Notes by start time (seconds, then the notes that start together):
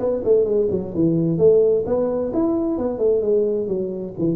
0.00 B3
0.24 A3
0.45 G#3
0.71 F#3
0.95 E3
1.39 A3
1.87 B3
2.34 E4
2.78 B3
2.99 A3
3.22 G#3
3.68 F#3
4.19 E3